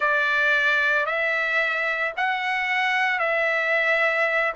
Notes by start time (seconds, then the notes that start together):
0.00 D5
1.06 E5
2.16 F#5
3.19 E5